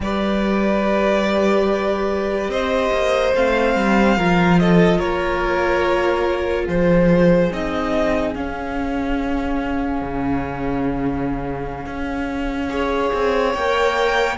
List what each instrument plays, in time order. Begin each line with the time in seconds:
0.00 cello G3, viola G4, violin B4 D5
2.48 cello C4, violin C5 D#5
2.92 cello A#3
3.34 cello A3, viola C4, violin F5
3.75 cello G3
4.16 cello F3, viola F4, violin A#4
4.59 violin A4 D#5
4.98 cello A#3, violin A#4 C#5
6.64 cello F3, violin G#4 C5
7.51 cello C4, viola D#4, violin D#5
8.34 cello C#4, viola C#4, violin F5
10.01 cello C#3
11.85 cello C#4
12.69 viola G#4, violin C#5
13.13 cello C4
13.53 cello A#3, viola A#4, violin G5